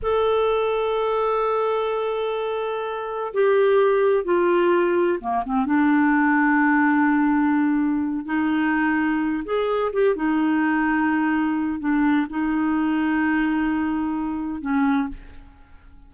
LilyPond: \new Staff \with { instrumentName = "clarinet" } { \time 4/4 \tempo 4 = 127 a'1~ | a'2. g'4~ | g'4 f'2 ais8 c'8 | d'1~ |
d'4. dis'2~ dis'8 | gis'4 g'8 dis'2~ dis'8~ | dis'4 d'4 dis'2~ | dis'2. cis'4 | }